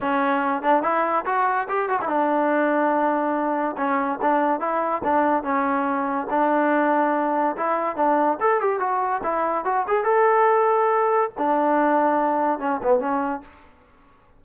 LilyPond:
\new Staff \with { instrumentName = "trombone" } { \time 4/4 \tempo 4 = 143 cis'4. d'8 e'4 fis'4 | g'8 fis'16 e'16 d'2.~ | d'4 cis'4 d'4 e'4 | d'4 cis'2 d'4~ |
d'2 e'4 d'4 | a'8 g'8 fis'4 e'4 fis'8 gis'8 | a'2. d'4~ | d'2 cis'8 b8 cis'4 | }